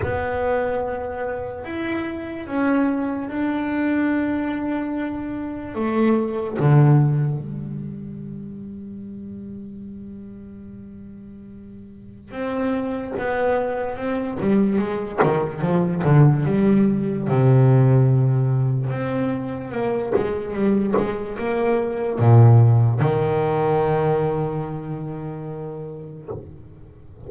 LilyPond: \new Staff \with { instrumentName = "double bass" } { \time 4/4 \tempo 4 = 73 b2 e'4 cis'4 | d'2. a4 | d4 g2.~ | g2. c'4 |
b4 c'8 g8 gis8 dis8 f8 d8 | g4 c2 c'4 | ais8 gis8 g8 gis8 ais4 ais,4 | dis1 | }